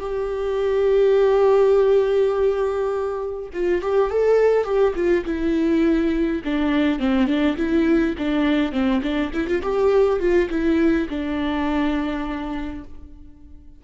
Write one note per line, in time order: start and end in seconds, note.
0.00 3.50 G4
3.53 3.81 F4
3.81 4.10 G4
4.10 4.64 A4
4.64 4.93 G4
4.95 5.24 F4
5.25 6.42 E4
6.44 6.99 D4
6.99 7.27 C4
7.27 7.56 D4
7.56 8.15 E4
8.18 8.72 D4
8.72 9.01 C4
9.02 9.31 D4
9.33 9.47 E4
9.47 9.62 F4
9.62 10.20 G4
10.20 10.49 F4
10.49 11.08 E4
11.09 12.84 D4